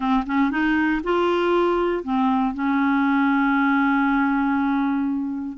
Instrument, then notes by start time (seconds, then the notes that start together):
clarinet
0.00 C4
0.26 C#4
0.50 D#4
1.03 F4
2.03 C4
2.54 C#4